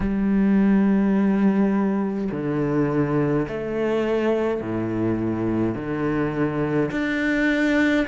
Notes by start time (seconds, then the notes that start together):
0.00 G3
2.31 D3
3.48 A3
4.60 A2
5.74 D3
6.91 D4